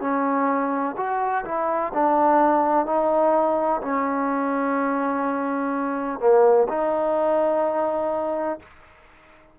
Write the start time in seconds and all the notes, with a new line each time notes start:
0.00 C#4
0.97 F#4
1.44 E4
1.93 D4
2.86 D#4
3.81 C#4
6.19 A#3
6.68 D#4